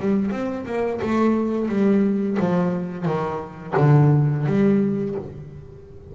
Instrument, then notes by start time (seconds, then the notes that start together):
double bass
0.00 G3
0.31 C4
0.66 A#3
1.01 A3
1.68 G3
2.39 F3
3.05 D#3
3.77 D3
4.46 G3